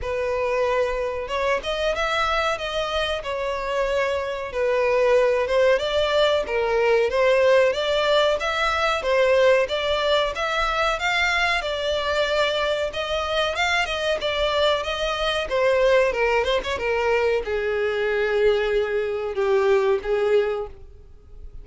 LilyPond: \new Staff \with { instrumentName = "violin" } { \time 4/4 \tempo 4 = 93 b'2 cis''8 dis''8 e''4 | dis''4 cis''2 b'4~ | b'8 c''8 d''4 ais'4 c''4 | d''4 e''4 c''4 d''4 |
e''4 f''4 d''2 | dis''4 f''8 dis''8 d''4 dis''4 | c''4 ais'8 c''16 cis''16 ais'4 gis'4~ | gis'2 g'4 gis'4 | }